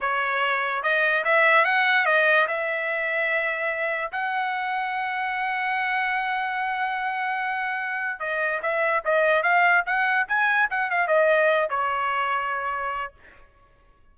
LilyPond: \new Staff \with { instrumentName = "trumpet" } { \time 4/4 \tempo 4 = 146 cis''2 dis''4 e''4 | fis''4 dis''4 e''2~ | e''2 fis''2~ | fis''1~ |
fis''1 | dis''4 e''4 dis''4 f''4 | fis''4 gis''4 fis''8 f''8 dis''4~ | dis''8 cis''2.~ cis''8 | }